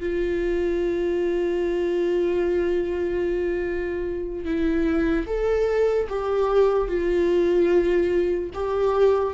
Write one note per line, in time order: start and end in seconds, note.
0.00 4.45 F4
4.45 5.26 E4
5.27 6.08 A4
6.09 6.88 G4
6.88 8.50 F4
8.54 9.34 G4